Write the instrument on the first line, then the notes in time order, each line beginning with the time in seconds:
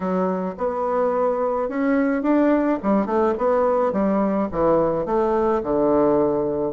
bassoon
0.00 F#3
0.57 B3
1.68 C#4
2.22 D4
2.83 G3
3.06 A3
3.37 B3
3.92 G3
4.51 E3
5.05 A3
5.63 D3